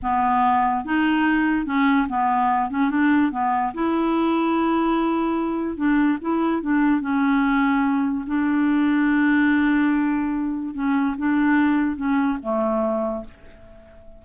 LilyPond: \new Staff \with { instrumentName = "clarinet" } { \time 4/4 \tempo 4 = 145 b2 dis'2 | cis'4 b4. cis'8 d'4 | b4 e'2.~ | e'2 d'4 e'4 |
d'4 cis'2. | d'1~ | d'2 cis'4 d'4~ | d'4 cis'4 a2 | }